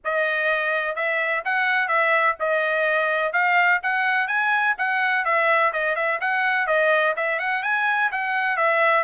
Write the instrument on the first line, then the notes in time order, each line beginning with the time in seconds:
trumpet
0.04 D#5
0.95 E5
1.44 F#5
1.88 E5
2.39 D#5
3.32 F5
3.82 F#5
4.27 G#5
4.78 F#5
5.24 E5
5.73 D#5
5.95 E5
6.20 F#5
6.66 D#5
7.16 E5
7.39 F#5
7.63 G#5
8.11 F#5
8.56 E5